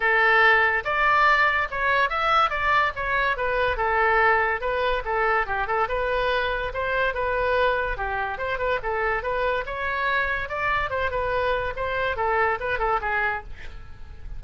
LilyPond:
\new Staff \with { instrumentName = "oboe" } { \time 4/4 \tempo 4 = 143 a'2 d''2 | cis''4 e''4 d''4 cis''4 | b'4 a'2 b'4 | a'4 g'8 a'8 b'2 |
c''4 b'2 g'4 | c''8 b'8 a'4 b'4 cis''4~ | cis''4 d''4 c''8 b'4. | c''4 a'4 b'8 a'8 gis'4 | }